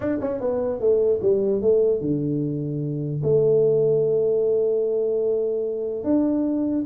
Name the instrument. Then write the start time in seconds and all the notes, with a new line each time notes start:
tuba
0.00 D4
0.20 C#4
0.40 B3
0.80 A3
1.21 G3
1.61 A3
2.00 D3
3.23 A3
6.04 D4